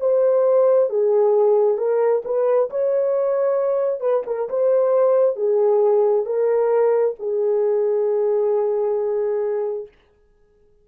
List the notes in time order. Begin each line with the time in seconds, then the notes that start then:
0.00 C5
0.90 G#4
1.78 A#4
2.25 B4
2.70 C#5
4.01 B4
4.27 A#4
4.49 C5
5.36 G#4
6.26 A#4
7.20 G#4